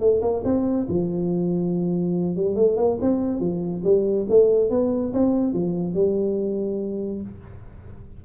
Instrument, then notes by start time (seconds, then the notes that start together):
tuba
0.00 A3
0.22 A#3
0.44 C4
0.89 F3
2.36 G3
2.56 A3
2.77 A#3
3.01 C4
3.40 F3
3.84 G3
4.29 A3
4.70 B3
5.13 C4
5.53 F3
5.94 G3